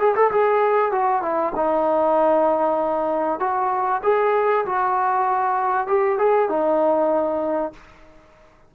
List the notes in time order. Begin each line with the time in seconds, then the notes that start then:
0.00 G#4
0.16 A4
0.32 G#4
0.92 F#4
1.22 E4
1.56 D#4
3.40 F#4
4.04 G#4
4.66 F#4
5.88 G4
6.19 G#4
6.49 D#4